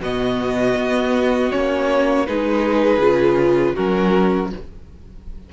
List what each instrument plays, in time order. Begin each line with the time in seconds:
0.00 cello B2, viola B3, violin F#4 D#5
0.77 cello B3
1.51 cello A#3, viola C#4, violin C#5
2.27 cello G#3, viola D#4, violin G#4 B4
2.98 cello C#3, viola F4
3.75 cello F#3, viola C#4, violin F#4 A#4